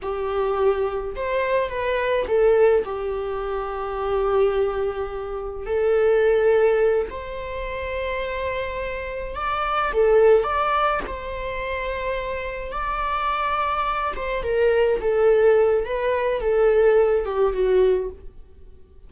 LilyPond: \new Staff \with { instrumentName = "viola" } { \time 4/4 \tempo 4 = 106 g'2 c''4 b'4 | a'4 g'2.~ | g'2 a'2~ | a'8 c''2.~ c''8~ |
c''8 d''4 a'4 d''4 c''8~ | c''2~ c''8 d''4.~ | d''4 c''8 ais'4 a'4. | b'4 a'4. g'8 fis'4 | }